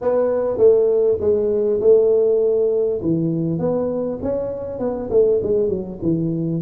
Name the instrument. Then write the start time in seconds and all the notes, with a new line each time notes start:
tuba
0.01 B3
0.57 A3
1.20 G#3
1.80 A3
3.01 E3
3.58 B3
4.22 C#4
4.79 B3
5.10 A3
5.42 G#3
5.68 F#3
6.02 E3